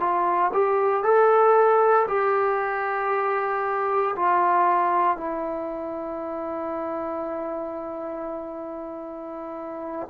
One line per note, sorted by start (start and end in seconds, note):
0.00 0.52 F4
0.53 1.03 G4
1.03 2.07 A4
2.08 4.15 G4
4.16 5.17 F4
5.17 10.08 E4